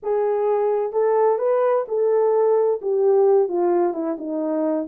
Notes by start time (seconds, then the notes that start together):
0.02 G#4
0.92 A4
1.38 B4
1.88 A4
2.81 G4
3.48 F4
3.93 E4
4.18 D#4